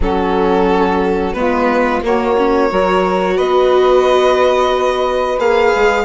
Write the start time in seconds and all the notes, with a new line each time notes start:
0.00 F#3 C#4 F#4 A4
1.33 G#3 B3 F4 B4
2.02 A#3 F#4 C#5
2.37 C#4
2.68 F#3 F#4 A#4
3.35 B3 B4 D#5
5.38 A#3 G#4 F5
5.75 G#3